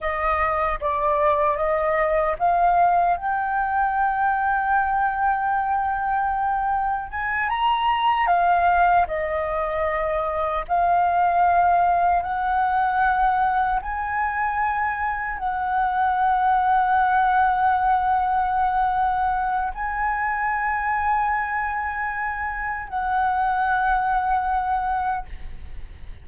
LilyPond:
\new Staff \with { instrumentName = "flute" } { \time 4/4 \tempo 4 = 76 dis''4 d''4 dis''4 f''4 | g''1~ | g''4 gis''8 ais''4 f''4 dis''8~ | dis''4. f''2 fis''8~ |
fis''4. gis''2 fis''8~ | fis''1~ | fis''4 gis''2.~ | gis''4 fis''2. | }